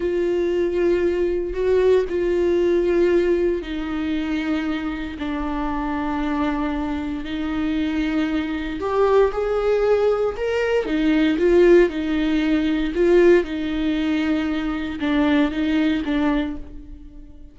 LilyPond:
\new Staff \with { instrumentName = "viola" } { \time 4/4 \tempo 4 = 116 f'2. fis'4 | f'2. dis'4~ | dis'2 d'2~ | d'2 dis'2~ |
dis'4 g'4 gis'2 | ais'4 dis'4 f'4 dis'4~ | dis'4 f'4 dis'2~ | dis'4 d'4 dis'4 d'4 | }